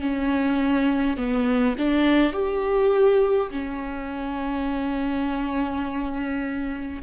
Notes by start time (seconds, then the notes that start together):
0.00 C#4
1.17 B3
1.78 D4
2.33 G4
3.51 C#4